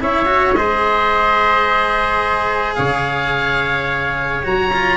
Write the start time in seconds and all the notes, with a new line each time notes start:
0.00 C#4 E4 C#5 E5
0.26 F#4
0.55 G#3 G#4 C5 D#5
2.75 C#3 C#5 F5
4.44 F#3 F#4 A#5
4.73 F4